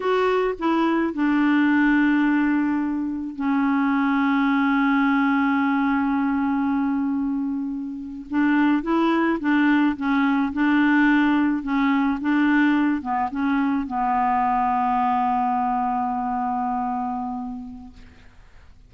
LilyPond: \new Staff \with { instrumentName = "clarinet" } { \time 4/4 \tempo 4 = 107 fis'4 e'4 d'2~ | d'2 cis'2~ | cis'1~ | cis'2~ cis'8. d'4 e'16~ |
e'8. d'4 cis'4 d'4~ d'16~ | d'8. cis'4 d'4. b8 cis'16~ | cis'8. b2.~ b16~ | b1 | }